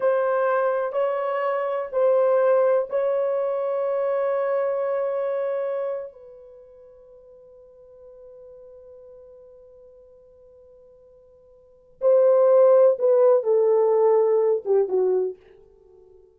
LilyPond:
\new Staff \with { instrumentName = "horn" } { \time 4/4 \tempo 4 = 125 c''2 cis''2 | c''2 cis''2~ | cis''1~ | cis''8. b'2.~ b'16~ |
b'1~ | b'1~ | b'4 c''2 b'4 | a'2~ a'8 g'8 fis'4 | }